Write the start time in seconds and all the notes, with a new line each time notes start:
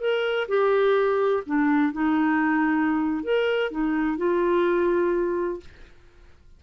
0.00 A#4
0.48 G4
1.47 D4
1.93 D#4
3.24 A#4
3.71 D#4
4.18 F4